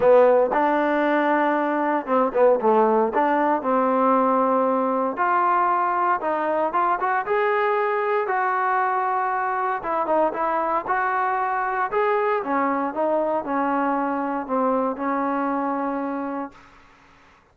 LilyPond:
\new Staff \with { instrumentName = "trombone" } { \time 4/4 \tempo 4 = 116 b4 d'2. | c'8 b8 a4 d'4 c'4~ | c'2 f'2 | dis'4 f'8 fis'8 gis'2 |
fis'2. e'8 dis'8 | e'4 fis'2 gis'4 | cis'4 dis'4 cis'2 | c'4 cis'2. | }